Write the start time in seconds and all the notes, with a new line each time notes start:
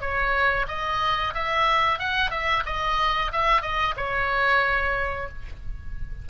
0.00 C#5
0.67 D#5
1.34 E5
1.99 F#5
2.30 E5
2.66 D#5
3.32 E5
3.61 D#5
3.96 C#5